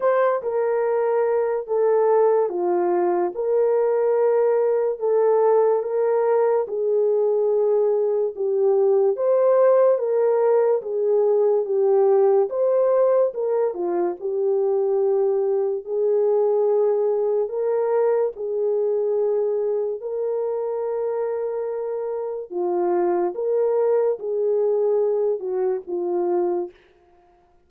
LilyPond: \new Staff \with { instrumentName = "horn" } { \time 4/4 \tempo 4 = 72 c''8 ais'4. a'4 f'4 | ais'2 a'4 ais'4 | gis'2 g'4 c''4 | ais'4 gis'4 g'4 c''4 |
ais'8 f'8 g'2 gis'4~ | gis'4 ais'4 gis'2 | ais'2. f'4 | ais'4 gis'4. fis'8 f'4 | }